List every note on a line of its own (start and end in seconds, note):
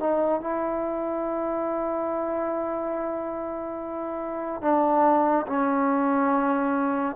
0.00 0.41 D#4
0.41 4.62 E4
4.62 5.46 D4
5.47 7.16 C#4